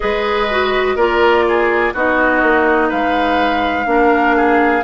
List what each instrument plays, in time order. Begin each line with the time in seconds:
0.00 bassoon G#3, clarinet G#4, oboe B4, flute D#5
0.50 clarinet F#4
0.95 bassoon A#3, clarinet F4, oboe A#4, flute D5
1.48 oboe G#4
1.93 bassoon B3, clarinet D#4, oboe F#4, flute D#5
2.42 bassoon A#3
2.88 bassoon G#3, oboe B4, flute F5
3.85 bassoon A#3, clarinet D4, oboe A#4
4.36 oboe G#4